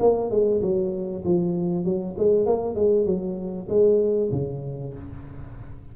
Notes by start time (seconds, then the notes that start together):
0.00 A#3
0.30 G#3
0.62 F#3
1.25 F3
1.84 F#3
2.18 G#3
2.46 A#3
2.75 G#3
3.06 F#3
3.69 G#3
4.32 C#3